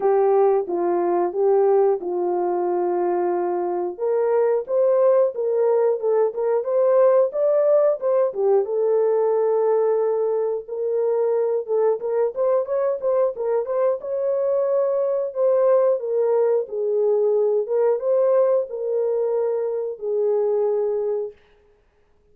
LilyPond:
\new Staff \with { instrumentName = "horn" } { \time 4/4 \tempo 4 = 90 g'4 f'4 g'4 f'4~ | f'2 ais'4 c''4 | ais'4 a'8 ais'8 c''4 d''4 | c''8 g'8 a'2. |
ais'4. a'8 ais'8 c''8 cis''8 c''8 | ais'8 c''8 cis''2 c''4 | ais'4 gis'4. ais'8 c''4 | ais'2 gis'2 | }